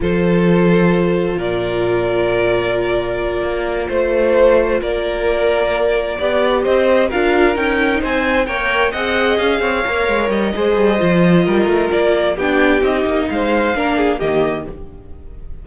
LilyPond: <<
  \new Staff \with { instrumentName = "violin" } { \time 4/4 \tempo 4 = 131 c''2. d''4~ | d''1~ | d''8 c''2 d''4.~ | d''2~ d''8 dis''4 f''8~ |
f''8 g''4 gis''4 g''4 fis''8~ | fis''8 f''2 dis''4.~ | dis''2 d''4 g''4 | dis''4 f''2 dis''4 | }
  \new Staff \with { instrumentName = "violin" } { \time 4/4 a'2. ais'4~ | ais'1~ | ais'8 c''2 ais'4.~ | ais'4. d''4 c''4 ais'8~ |
ais'4. c''4 cis''4 dis''8~ | dis''4 cis''2 c''4~ | c''4 ais'2 g'4~ | g'4 c''4 ais'8 gis'8 g'4 | }
  \new Staff \with { instrumentName = "viola" } { \time 4/4 f'1~ | f'1~ | f'1~ | f'4. g'2 f'8~ |
f'8 dis'2 ais'4 gis'8~ | gis'4. ais'4. gis'4 | f'2. d'4 | dis'2 d'4 ais4 | }
  \new Staff \with { instrumentName = "cello" } { \time 4/4 f2. ais,4~ | ais,2.~ ais,8 ais8~ | ais8 a2 ais4.~ | ais4. b4 c'4 d'8~ |
d'8 cis'4 c'4 ais4 c'8~ | c'8 cis'8 c'8 ais8 gis8 g8 gis8 g8 | f4 g8 a8 ais4 b4 | c'8 ais8 gis4 ais4 dis4 | }
>>